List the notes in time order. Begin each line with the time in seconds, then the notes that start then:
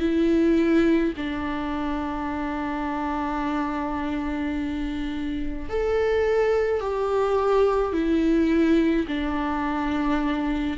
0.00 E4
1.17 D4
5.69 A4
6.81 G4
7.93 E4
9.08 D4